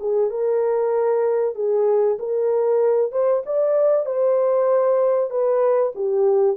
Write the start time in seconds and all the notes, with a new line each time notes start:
0.00 G#4
0.30 A#4
1.55 G#4
2.19 A#4
3.12 C5
3.46 D5
4.06 C5
5.30 B4
5.95 G4